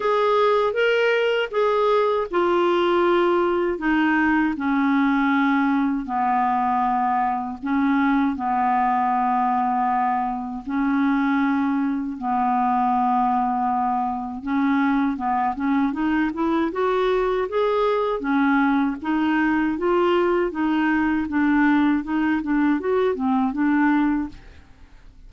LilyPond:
\new Staff \with { instrumentName = "clarinet" } { \time 4/4 \tempo 4 = 79 gis'4 ais'4 gis'4 f'4~ | f'4 dis'4 cis'2 | b2 cis'4 b4~ | b2 cis'2 |
b2. cis'4 | b8 cis'8 dis'8 e'8 fis'4 gis'4 | cis'4 dis'4 f'4 dis'4 | d'4 dis'8 d'8 fis'8 c'8 d'4 | }